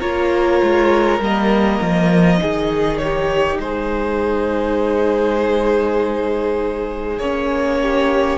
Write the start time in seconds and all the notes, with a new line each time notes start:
0.00 A#3 F4 A#4 C#5
0.63 G#3
1.20 G3 A#3 D#5
1.82 F3
2.39 D#3 D#4 G#4
2.98 C#5
3.04 G4
3.58 G#3 G#4 C5
7.18 A#3 C#4 C#5
7.81 G4